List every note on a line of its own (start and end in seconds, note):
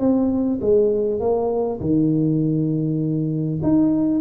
0.00 0.60 C4
0.61 1.20 G#3
1.20 1.80 A#3
1.81 3.61 D#3
3.63 4.21 D#4